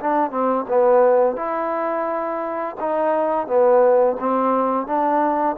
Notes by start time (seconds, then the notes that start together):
0.00 D4
0.30 C4
0.68 B3
1.36 E4
2.80 D#4
3.47 B3
4.19 C4
4.86 D4